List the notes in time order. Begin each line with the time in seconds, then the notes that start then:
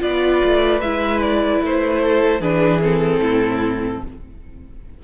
0.00 B3 F4 B4 D5
0.45 A3
0.81 G#3 E4 E5
1.21 D5
1.62 A3 C5
2.02 A4
2.40 E3 D4 G#4 B4
2.82 C4 A4
3.19 A2 E4